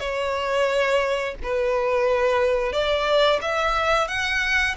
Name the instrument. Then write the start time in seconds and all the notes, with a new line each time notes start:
violin
0.00 C#5
1.43 B4
2.73 D5
3.42 E5
4.08 F#5